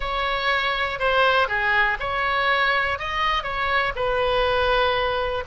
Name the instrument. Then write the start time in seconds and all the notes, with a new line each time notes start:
oboe
0.00 C#5
0.99 C5
1.48 G#4
1.99 C#5
2.98 D#5
3.43 C#5
3.95 B4